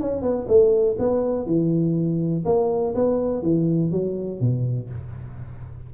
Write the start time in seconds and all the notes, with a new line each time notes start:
0.00 C#4
0.22 B3
0.48 A3
0.98 B3
1.46 E3
2.45 A#3
2.94 B3
3.42 E3
3.91 F#3
4.40 B2